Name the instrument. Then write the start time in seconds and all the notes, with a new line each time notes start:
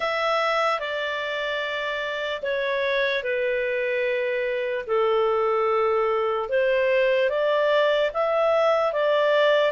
clarinet
0.00 E5
0.79 D5
2.42 C#5
3.23 B4
4.86 A4
6.49 C5
7.29 D5
8.13 E5
8.93 D5